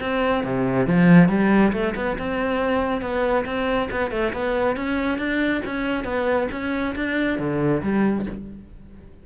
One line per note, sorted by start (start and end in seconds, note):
0.00 0.43 C4
0.43 0.87 C3
0.87 1.28 F3
1.28 1.72 G3
1.72 1.94 A3
1.95 2.17 B3
2.18 3.01 C4
3.01 3.44 B3
3.45 3.89 C4
3.91 4.11 B3
4.11 4.33 A3
4.33 4.76 B3
4.76 5.18 C#4
5.18 5.61 D4
5.65 6.04 C#4
6.04 6.47 B3
6.51 6.95 C#4
6.95 7.38 D4
7.38 7.82 D3
7.82 8.26 G3